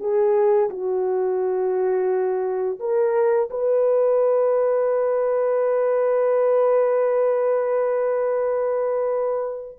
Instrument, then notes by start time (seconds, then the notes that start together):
horn
0.00 G#4
0.70 F#4
2.80 A#4
3.50 B4